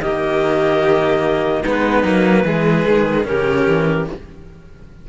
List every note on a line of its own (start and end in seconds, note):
0.00 1.62 D#3
0.00 1.65 A#3
0.00 1.63 G4
0.00 1.64 D#5
1.63 2.04 G#3
1.63 2.04 B3
1.63 2.44 D#4
1.63 3.26 B4
2.04 2.45 F#3
2.04 2.45 A#3
2.45 2.85 E3
2.45 3.24 G#3
2.45 3.27 G#4
2.88 3.28 D#3
3.24 3.68 C#3
3.24 4.05 C#4
3.24 4.09 G4
3.24 4.08 A#4
3.68 4.08 E3